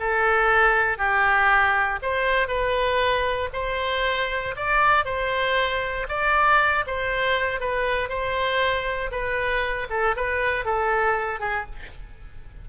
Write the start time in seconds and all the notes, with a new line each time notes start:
0.00 A4
0.98 G4
2.02 C5
2.48 B4
3.53 C5
4.56 D5
5.05 C5
6.09 D5
6.87 C5
7.60 B4
8.09 C5
9.11 B4
9.90 A4
10.16 B4
10.65 A4
11.40 G#4